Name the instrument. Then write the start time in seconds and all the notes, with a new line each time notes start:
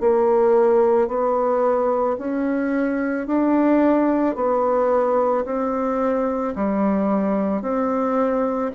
bassoon
0.00 A#3
1.08 B3
2.18 C#4
3.27 D4
4.35 B3
5.45 C4
6.56 G3
7.62 C4